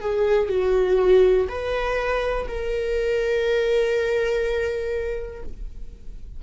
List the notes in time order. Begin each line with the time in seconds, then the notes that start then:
0.00 G#4
0.49 F#4
1.48 B4
2.48 A#4